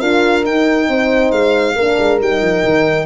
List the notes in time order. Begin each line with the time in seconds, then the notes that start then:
0.00 D4 F4 A#4 F5
0.45 D#4 G5
0.89 C4 C5
1.31 G#3 F5
1.76 A#3 D4 A#4
1.99 G#3
2.20 G3 D#4 G5
2.41 F3
2.64 D#3